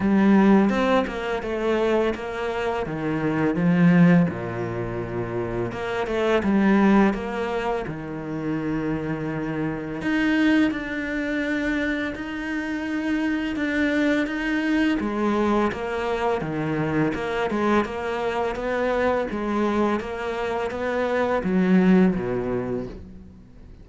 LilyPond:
\new Staff \with { instrumentName = "cello" } { \time 4/4 \tempo 4 = 84 g4 c'8 ais8 a4 ais4 | dis4 f4 ais,2 | ais8 a8 g4 ais4 dis4~ | dis2 dis'4 d'4~ |
d'4 dis'2 d'4 | dis'4 gis4 ais4 dis4 | ais8 gis8 ais4 b4 gis4 | ais4 b4 fis4 b,4 | }